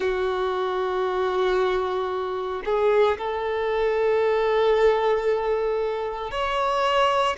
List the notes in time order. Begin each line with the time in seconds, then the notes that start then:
0.00 F#4
2.65 G#4
3.18 A4
6.31 C#5